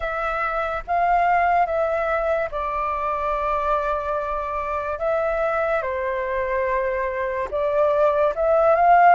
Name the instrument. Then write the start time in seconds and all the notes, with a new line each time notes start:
flute
0.00 E5
0.87 F5
1.66 E5
2.51 D5
4.98 E5
5.81 C5
7.50 D5
8.35 E5
8.75 F5